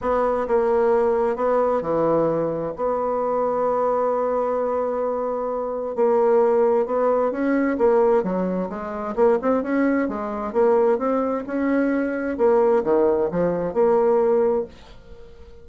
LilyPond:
\new Staff \with { instrumentName = "bassoon" } { \time 4/4 \tempo 4 = 131 b4 ais2 b4 | e2 b2~ | b1~ | b4 ais2 b4 |
cis'4 ais4 fis4 gis4 | ais8 c'8 cis'4 gis4 ais4 | c'4 cis'2 ais4 | dis4 f4 ais2 | }